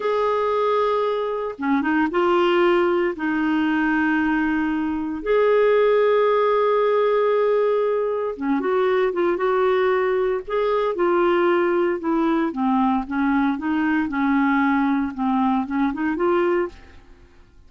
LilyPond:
\new Staff \with { instrumentName = "clarinet" } { \time 4/4 \tempo 4 = 115 gis'2. cis'8 dis'8 | f'2 dis'2~ | dis'2 gis'2~ | gis'1 |
cis'8 fis'4 f'8 fis'2 | gis'4 f'2 e'4 | c'4 cis'4 dis'4 cis'4~ | cis'4 c'4 cis'8 dis'8 f'4 | }